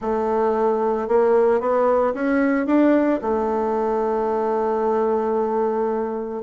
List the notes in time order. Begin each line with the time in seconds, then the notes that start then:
0.01 A3
1.08 A#3
1.60 B3
2.14 C#4
2.66 D4
3.21 A3